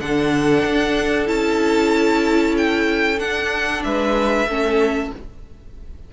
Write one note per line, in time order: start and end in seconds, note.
0.00 0.64 D3
0.00 1.25 D4
0.00 3.85 A4
0.00 1.27 F#5
0.65 1.29 D4
1.25 3.20 C#4
1.25 3.17 E4
1.25 2.55 A5
2.57 3.19 G5
3.19 4.47 D4
3.19 3.84 D4
3.19 3.83 F#5
3.83 4.47 G#3
3.83 4.49 B4
3.83 5.11 E5
4.47 5.11 A3
4.47 5.13 C#4
4.47 5.13 A4